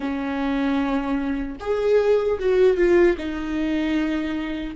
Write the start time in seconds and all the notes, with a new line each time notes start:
0.00 C#4
1.60 G#4
2.39 F#4
2.77 F4
3.18 D#4